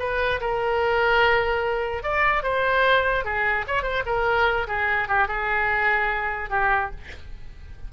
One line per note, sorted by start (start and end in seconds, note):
0.00 0.41 B4
0.41 2.04 A#4
2.04 2.43 D5
2.43 3.25 C5
3.25 3.66 G#4
3.68 3.83 C#5
3.83 4.04 C5
4.06 4.68 A#4
4.68 5.09 G#4
5.09 5.28 G4
5.28 6.50 G#4
6.50 6.91 G4